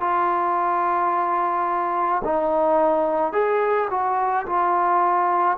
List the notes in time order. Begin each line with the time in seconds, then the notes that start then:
0.00 F4
2.24 D#4
3.33 G#4
3.90 F#4
4.46 F4